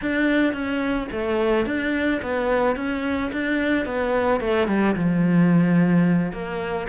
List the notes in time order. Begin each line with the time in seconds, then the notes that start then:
0.01 D4
0.53 C#4
1.11 A3
1.66 D4
2.22 B3
2.75 C#4
3.32 D4
3.85 B3
4.40 A3
4.67 G3
4.95 F3
6.32 A#3